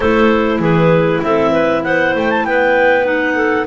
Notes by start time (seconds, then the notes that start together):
0.00 A3 E4 A4 C5
0.59 E3 G#4 B4
1.23 C4 A4 E5
1.51 B4
1.83 B3 C5 F#5
2.15 A3 G5
2.30 A5
2.44 B3 B4 G5
3.04 D#4 F#5
3.35 A4